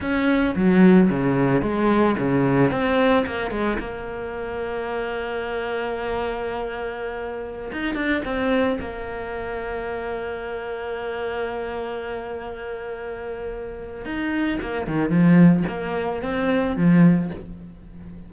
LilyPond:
\new Staff \with { instrumentName = "cello" } { \time 4/4 \tempo 4 = 111 cis'4 fis4 cis4 gis4 | cis4 c'4 ais8 gis8 ais4~ | ais1~ | ais2~ ais16 dis'8 d'8 c'8.~ |
c'16 ais2.~ ais8.~ | ais1~ | ais2 dis'4 ais8 dis8 | f4 ais4 c'4 f4 | }